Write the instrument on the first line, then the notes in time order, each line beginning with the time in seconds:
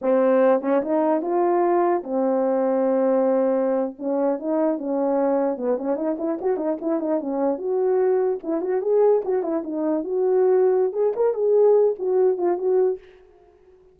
horn
0.01 C4
0.61 C#4
0.82 D#4
1.21 F4
2.03 C4
3.98 C#4
4.39 D#4
4.77 C#4
5.57 B3
5.77 C#4
5.96 D#4
6.18 E4
6.41 F#4
6.56 D#4
6.81 E4
7.00 D#4
7.20 C#4
7.58 F#4
8.43 E4
8.61 F#4
8.81 G#4
9.25 F#4
9.42 E4
9.63 D#4
10.04 F#4
10.93 G#4
11.16 A#4
11.33 G#4
11.99 F#4
12.37 F4
12.58 F#4